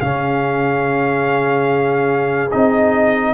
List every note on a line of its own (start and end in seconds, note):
0.00 2.51 C#3
0.00 2.51 C#4
0.00 3.33 G#4
0.00 2.50 F5
2.51 3.33 C4
2.51 3.33 D#4
2.51 3.33 D#5